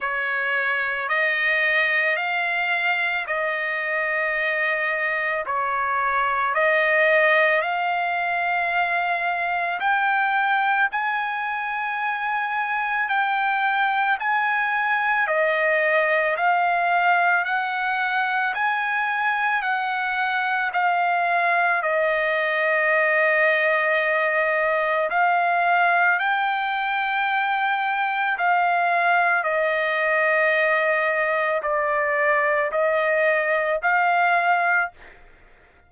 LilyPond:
\new Staff \with { instrumentName = "trumpet" } { \time 4/4 \tempo 4 = 55 cis''4 dis''4 f''4 dis''4~ | dis''4 cis''4 dis''4 f''4~ | f''4 g''4 gis''2 | g''4 gis''4 dis''4 f''4 |
fis''4 gis''4 fis''4 f''4 | dis''2. f''4 | g''2 f''4 dis''4~ | dis''4 d''4 dis''4 f''4 | }